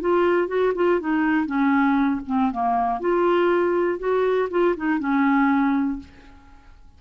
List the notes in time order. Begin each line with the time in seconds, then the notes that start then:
0.00 F4
0.47 F#4
0.75 F4
1.00 D#4
1.45 C#4
2.26 C4
2.51 A#3
3.00 F4
3.98 F#4
4.50 F4
4.76 D#4
4.99 C#4